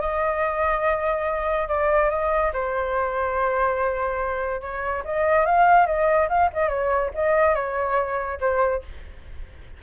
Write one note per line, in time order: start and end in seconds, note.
0.00 1.68 D#5
1.68 2.10 D5
2.10 2.52 D#5
2.53 4.61 C5
4.61 5.03 C#5
5.04 5.45 D#5
5.45 5.86 F5
5.86 6.28 D#5
6.29 6.50 F5
6.53 6.68 D#5
6.68 7.10 C#5
7.14 7.54 D#5
7.54 8.38 C#5
8.40 8.82 C5